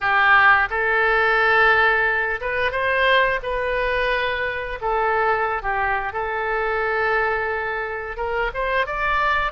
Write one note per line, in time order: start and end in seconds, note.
0.00 0.68 G4
0.69 2.40 A4
2.40 2.71 B4
2.71 3.39 C5
3.42 4.79 B4
4.81 5.62 A4
5.62 6.12 G4
6.12 8.16 A4
8.16 8.50 A#4
8.54 8.86 C5
8.86 9.52 D5